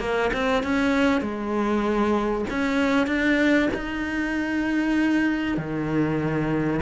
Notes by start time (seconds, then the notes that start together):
0.00 A#3
0.34 C4
0.64 C#4
1.21 G#3
2.50 C#4
3.07 D4
3.74 D#4
5.58 D#3